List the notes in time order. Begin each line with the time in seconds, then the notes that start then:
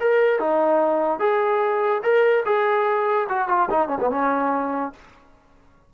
0.00 A#4
0.39 D#4
1.19 G#4
2.02 A#4
2.45 G#4
3.29 F#4
3.48 F4
3.70 D#4
3.88 C#4
4.00 B3
4.10 C#4